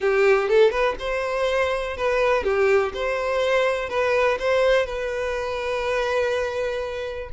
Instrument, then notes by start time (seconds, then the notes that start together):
violin
0.00 G4
0.49 A4
0.71 B4
0.99 C5
1.96 B4
2.43 G4
2.94 C5
3.89 B4
4.39 C5
4.85 B4